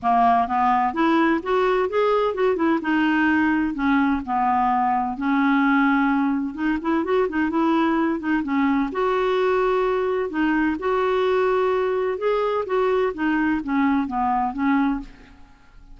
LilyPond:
\new Staff \with { instrumentName = "clarinet" } { \time 4/4 \tempo 4 = 128 ais4 b4 e'4 fis'4 | gis'4 fis'8 e'8 dis'2 | cis'4 b2 cis'4~ | cis'2 dis'8 e'8 fis'8 dis'8 |
e'4. dis'8 cis'4 fis'4~ | fis'2 dis'4 fis'4~ | fis'2 gis'4 fis'4 | dis'4 cis'4 b4 cis'4 | }